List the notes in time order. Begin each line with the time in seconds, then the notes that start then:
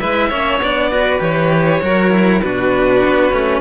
0.00 G#3 E4 B4 E5
0.30 A#3 C#4 C#5
0.59 B3 D4 D5
0.91 F#4 B4
1.20 E3 G4 C#5
1.82 F#3 F#4 A#4
2.12 E4
2.42 B2 D4 F#4 B4
3.06 B3
3.32 A3 C#4